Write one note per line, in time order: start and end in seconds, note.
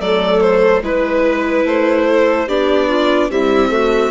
0.00 0.83 F#3
0.00 0.82 A3
0.00 0.82 A4
0.00 0.41 D5
0.41 0.82 C5
0.83 1.65 G#3
0.83 2.48 E4
0.83 2.07 B4
0.83 1.67 B4
1.65 2.47 A3
1.65 2.49 C5
2.10 2.48 A4
2.48 3.29 B3
2.48 3.31 D4
2.48 2.88 G4
2.48 3.31 D5
2.88 3.29 F4
3.29 3.69 G3
3.29 4.12 C4
3.29 3.71 E4
3.29 4.12 E5
3.69 4.10 A3
3.69 4.12 F#4